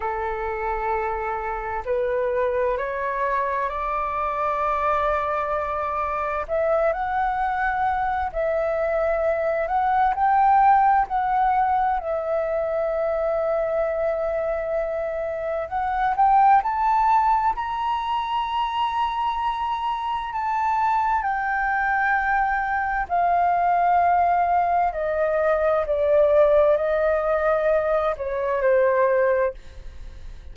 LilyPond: \new Staff \with { instrumentName = "flute" } { \time 4/4 \tempo 4 = 65 a'2 b'4 cis''4 | d''2. e''8 fis''8~ | fis''4 e''4. fis''8 g''4 | fis''4 e''2.~ |
e''4 fis''8 g''8 a''4 ais''4~ | ais''2 a''4 g''4~ | g''4 f''2 dis''4 | d''4 dis''4. cis''8 c''4 | }